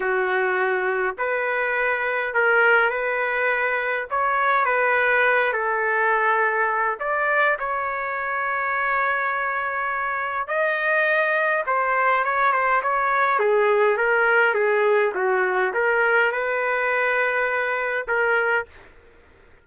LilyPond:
\new Staff \with { instrumentName = "trumpet" } { \time 4/4 \tempo 4 = 103 fis'2 b'2 | ais'4 b'2 cis''4 | b'4. a'2~ a'8 | d''4 cis''2.~ |
cis''2 dis''2 | c''4 cis''8 c''8 cis''4 gis'4 | ais'4 gis'4 fis'4 ais'4 | b'2. ais'4 | }